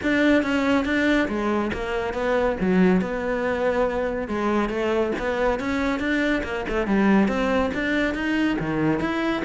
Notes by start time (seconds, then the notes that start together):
0.03 D4
0.42 C#4
0.85 D4
1.28 G#3
1.73 A#3
2.13 B3
2.60 F#3
3.01 B3
4.28 G#3
4.69 A3
5.18 B3
5.59 C#4
5.99 D4
6.43 A#3
6.68 A3
6.86 G3
7.28 C4
7.74 D4
8.14 D#4
8.59 D#3
9.00 E4